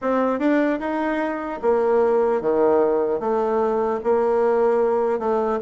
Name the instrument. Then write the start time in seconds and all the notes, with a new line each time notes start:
bassoon
0.01 C4
0.39 D4
0.79 D#4
1.61 A#3
2.41 D#3
3.20 A3
4.03 A#3
5.19 A3